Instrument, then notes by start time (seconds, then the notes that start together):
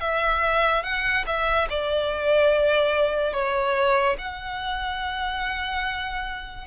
violin
0.00 E5
0.83 F#5
1.26 E5
1.70 D5
3.33 C#5
4.19 F#5